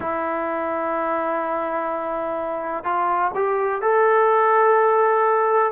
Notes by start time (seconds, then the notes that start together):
0.00 E4
2.84 F4
3.35 G4
3.81 A4